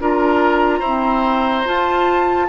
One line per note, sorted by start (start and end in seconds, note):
0.00 0.81 D4
0.00 0.84 F4
0.00 0.80 A#4
0.00 1.68 A#5
0.80 1.65 C4
0.80 1.64 E4
0.80 2.46 C5
1.65 2.49 F4
1.65 2.49 A5